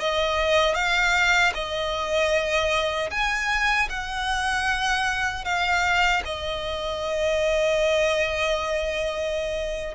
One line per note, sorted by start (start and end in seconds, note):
0.00 0.75 D#5
0.75 1.53 F5
1.54 3.10 D#5
3.11 3.89 G#5
3.89 5.45 F#5
5.45 6.23 F5
6.25 9.95 D#5